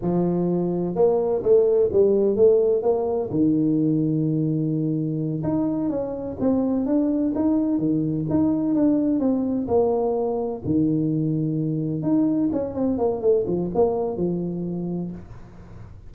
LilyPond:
\new Staff \with { instrumentName = "tuba" } { \time 4/4 \tempo 4 = 127 f2 ais4 a4 | g4 a4 ais4 dis4~ | dis2.~ dis8 dis'8~ | dis'8 cis'4 c'4 d'4 dis'8~ |
dis'8 dis4 dis'4 d'4 c'8~ | c'8 ais2 dis4.~ | dis4. dis'4 cis'8 c'8 ais8 | a8 f8 ais4 f2 | }